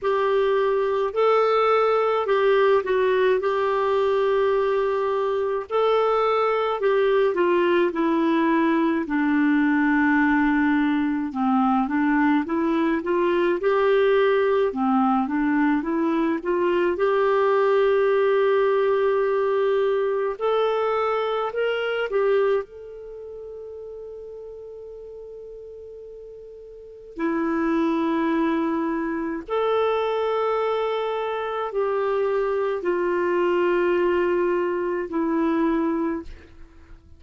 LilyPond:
\new Staff \with { instrumentName = "clarinet" } { \time 4/4 \tempo 4 = 53 g'4 a'4 g'8 fis'8 g'4~ | g'4 a'4 g'8 f'8 e'4 | d'2 c'8 d'8 e'8 f'8 | g'4 c'8 d'8 e'8 f'8 g'4~ |
g'2 a'4 ais'8 g'8 | a'1 | e'2 a'2 | g'4 f'2 e'4 | }